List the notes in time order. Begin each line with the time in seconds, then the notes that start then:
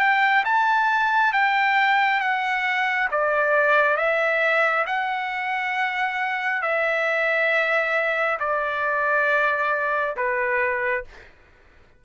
0.00 G5
0.45 A5
1.33 G5
2.21 F#5
3.12 D5
3.97 E5
4.86 F#5
6.62 E5
8.40 D5
10.16 B4